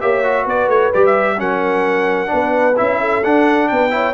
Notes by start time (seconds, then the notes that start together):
0.00 A#3 G4 C#5 E5
0.24 F#4
0.44 B3 B4 D5
0.68 A3 C#5
0.93 G3 G4 D5
1.05 E5
1.37 F#3 C#4 A#4 F#5
2.26 D4 B4
2.33 B3
2.76 C#4 E4 E5
3.00 A4
3.24 D4 F#5
3.68 B3 B4 G5
3.90 E4 C#5